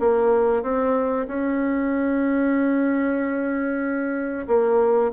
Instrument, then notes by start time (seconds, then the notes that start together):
bassoon
0.00 A#3
0.63 C4
1.28 C#4
4.48 A#3